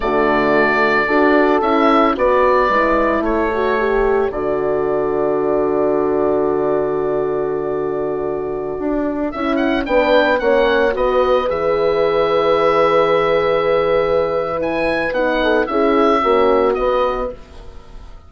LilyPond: <<
  \new Staff \with { instrumentName = "oboe" } { \time 4/4 \tempo 4 = 111 d''2. e''4 | d''2 cis''2 | d''1~ | d''1~ |
d''4~ d''16 e''8 fis''8 g''4 fis''8.~ | fis''16 dis''4 e''2~ e''8.~ | e''2. gis''4 | fis''4 e''2 dis''4 | }
  \new Staff \with { instrumentName = "horn" } { \time 4/4 fis'2 a'2 | b'2 a'2~ | a'1~ | a'1~ |
a'2~ a'16 b'4 cis''8.~ | cis''16 b'2.~ b'8.~ | b'1~ | b'8 a'8 gis'4 fis'2 | }
  \new Staff \with { instrumentName = "horn" } { \time 4/4 a2 fis'4 e'4 | fis'4 e'4. fis'8 g'4 | fis'1~ | fis'1~ |
fis'4~ fis'16 e'4 d'4 cis'8.~ | cis'16 fis'4 gis'2~ gis'8.~ | gis'2. e'4 | dis'4 e'4 cis'4 b4 | }
  \new Staff \with { instrumentName = "bassoon" } { \time 4/4 d2 d'4 cis'4 | b4 gis4 a2 | d1~ | d1~ |
d16 d'4 cis'4 b4 ais8.~ | ais16 b4 e2~ e8.~ | e1 | b4 cis'4 ais4 b4 | }
>>